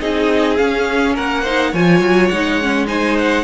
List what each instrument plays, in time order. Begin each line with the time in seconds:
0.00 cello C4, viola D#4, violin G#4 D#5
0.57 viola C#4, cello C#4, violin F5
1.15 cello A#3, violin A#4 F#5
1.42 viola D#4, violin C5
1.72 cello F3, viola F4, violin C#5 G#5
2.01 cello F#3
2.29 cello G#3, viola D#4, violin F#5
2.61 viola C#4
2.87 viola D#4, violin C5 G#5
3.19 violin F#5